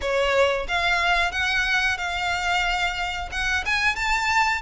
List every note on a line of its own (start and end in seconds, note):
0.01 0.67 C#5
0.68 1.31 F5
1.31 1.97 F#5
1.98 3.29 F5
3.31 3.64 F#5
3.65 3.95 G#5
3.95 4.61 A5